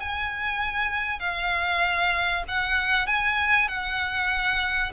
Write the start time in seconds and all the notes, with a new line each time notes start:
0.00 G#5
1.20 F5
2.48 F#5
3.07 G#5
3.68 F#5